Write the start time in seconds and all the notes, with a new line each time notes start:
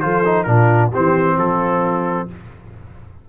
0.00 F3 F4 A4 C5
0.25 D#4
0.44 A#2 D4 F4 A#4
0.91 C4 G4 C5
0.97 E3
1.37 F3 F4 A4